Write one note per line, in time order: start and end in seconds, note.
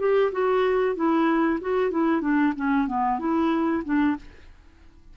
0.00 0.32 G4
0.32 0.96 F#4
0.96 1.60 E4
1.62 1.91 F#4
1.91 2.22 E4
2.22 2.54 D4
2.56 2.88 C#4
2.88 3.20 B3
3.20 3.84 E4
3.85 4.17 D4